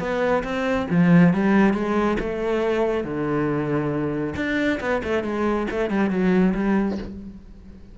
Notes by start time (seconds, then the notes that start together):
0.00 B3
0.44 C4
0.91 F3
1.34 G3
1.74 G#3
2.20 A3
3.04 D3
4.36 D4
4.81 B3
5.04 A3
5.24 G#3
5.71 A3
5.90 G3
6.10 F#3
6.55 G3